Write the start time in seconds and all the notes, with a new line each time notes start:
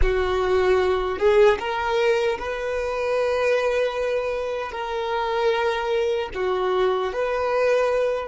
0.01 F#4
1.18 G#4
1.59 A#4
2.38 B4
4.71 A#4
6.34 F#4
7.13 B4